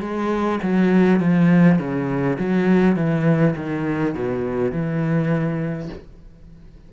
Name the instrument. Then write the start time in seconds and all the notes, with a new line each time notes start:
cello
0.00 G#3
0.63 F#3
1.20 F3
1.79 C#3
2.39 F#3
2.96 E3
3.56 D#3
4.14 B2
4.72 E3